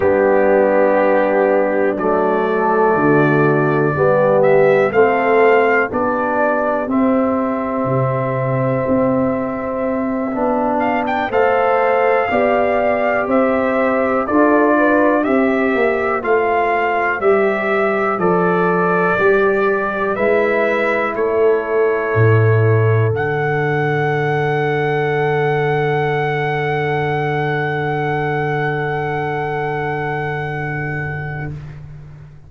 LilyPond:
<<
  \new Staff \with { instrumentName = "trumpet" } { \time 4/4 \tempo 4 = 61 g'2 d''2~ | d''8 e''8 f''4 d''4 e''4~ | e''2. f''16 g''16 f''8~ | f''4. e''4 d''4 e''8~ |
e''8 f''4 e''4 d''4.~ | d''8 e''4 cis''2 fis''8~ | fis''1~ | fis''1 | }
  \new Staff \with { instrumentName = "horn" } { \time 4/4 d'2~ d'8 a'8 fis'4 | g'4 a'4 g'2~ | g'2.~ g'8 c''8~ | c''8 d''4 c''4 a'8 b'8 c''8~ |
c''1~ | c''8 b'4 a'2~ a'8~ | a'1~ | a'1 | }
  \new Staff \with { instrumentName = "trombone" } { \time 4/4 b2 a2 | b4 c'4 d'4 c'4~ | c'2~ c'8 d'4 a'8~ | a'8 g'2 f'4 g'8~ |
g'8 f'4 g'4 a'4 g'8~ | g'8 e'2. d'8~ | d'1~ | d'1 | }
  \new Staff \with { instrumentName = "tuba" } { \time 4/4 g2 fis4 d4 | g4 a4 b4 c'4 | c4 c'4. b4 a8~ | a8 b4 c'4 d'4 c'8 |
ais8 a4 g4 f4 g8~ | g8 gis4 a4 a,4 d8~ | d1~ | d1 | }
>>